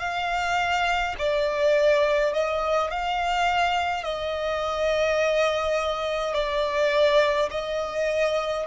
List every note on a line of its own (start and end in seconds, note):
0.00 1.15 F5
1.19 2.34 D5
2.34 2.91 D#5
2.91 4.04 F5
4.04 6.34 D#5
6.34 7.49 D5
7.51 8.66 D#5